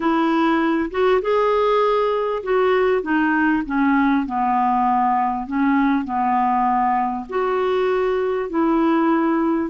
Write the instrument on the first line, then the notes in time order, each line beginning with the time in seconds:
clarinet
0.00 E4
0.90 F#4
1.21 G#4
2.43 F#4
3.02 D#4
3.66 C#4
4.26 B3
5.46 C#4
6.04 B3
7.29 F#4
8.49 E4